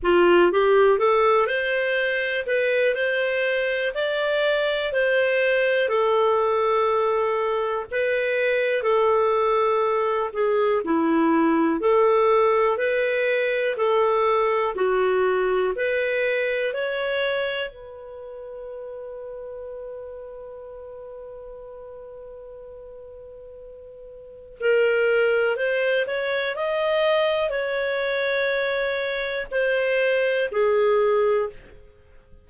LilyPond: \new Staff \with { instrumentName = "clarinet" } { \time 4/4 \tempo 4 = 61 f'8 g'8 a'8 c''4 b'8 c''4 | d''4 c''4 a'2 | b'4 a'4. gis'8 e'4 | a'4 b'4 a'4 fis'4 |
b'4 cis''4 b'2~ | b'1~ | b'4 ais'4 c''8 cis''8 dis''4 | cis''2 c''4 gis'4 | }